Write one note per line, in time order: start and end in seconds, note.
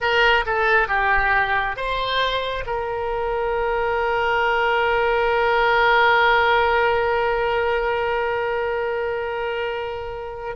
0.00 0.45 A#4
0.46 0.88 A4
0.88 1.76 G4
1.76 2.64 C5
2.66 10.56 A#4